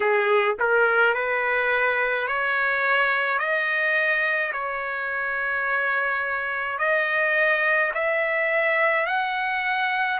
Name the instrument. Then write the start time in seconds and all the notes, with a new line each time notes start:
trumpet
0.00 G#4
0.59 A#4
1.14 B4
2.27 C#5
3.39 D#5
4.52 C#5
6.78 D#5
7.94 E5
9.06 F#5